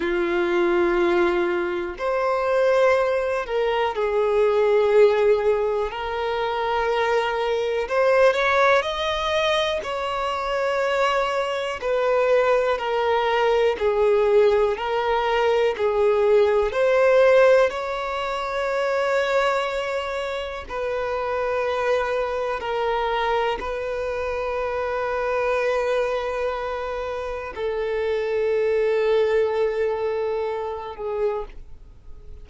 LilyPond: \new Staff \with { instrumentName = "violin" } { \time 4/4 \tempo 4 = 61 f'2 c''4. ais'8 | gis'2 ais'2 | c''8 cis''8 dis''4 cis''2 | b'4 ais'4 gis'4 ais'4 |
gis'4 c''4 cis''2~ | cis''4 b'2 ais'4 | b'1 | a'2.~ a'8 gis'8 | }